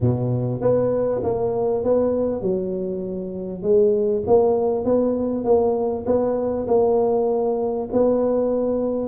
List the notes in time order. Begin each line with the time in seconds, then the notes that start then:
0.00 B2
0.61 B3
1.23 A#3
1.83 B3
2.41 F#3
3.62 G#3
4.26 A#3
4.84 B3
5.44 A#3
6.06 B3
6.67 A#3
7.92 B3